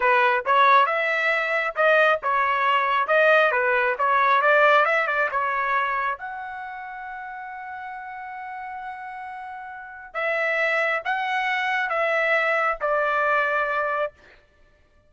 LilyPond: \new Staff \with { instrumentName = "trumpet" } { \time 4/4 \tempo 4 = 136 b'4 cis''4 e''2 | dis''4 cis''2 dis''4 | b'4 cis''4 d''4 e''8 d''8 | cis''2 fis''2~ |
fis''1~ | fis''2. e''4~ | e''4 fis''2 e''4~ | e''4 d''2. | }